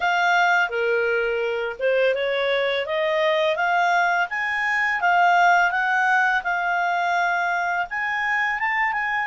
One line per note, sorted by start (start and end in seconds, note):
0.00 0.69 F5
0.69 1.76 A#4
1.79 2.15 C5
2.15 2.86 C#5
2.86 3.56 D#5
3.56 4.27 F5
4.29 5.00 G#5
5.00 5.71 F5
5.71 6.42 F#5
6.43 7.86 F5
7.89 8.59 G#5
8.59 8.92 A5
8.92 9.27 G#5